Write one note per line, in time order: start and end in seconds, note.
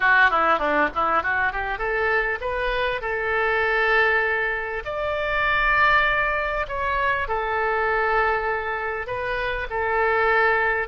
0.00 0.30 F#4
0.30 0.58 E4
0.58 0.88 D4
0.94 1.23 E4
1.23 1.52 F#4
1.52 1.78 G4
1.78 2.39 A4
2.40 3.01 B4
3.01 4.83 A4
4.84 6.66 D5
6.67 7.28 C#5
7.28 9.06 A4
9.06 9.67 B4
9.70 10.88 A4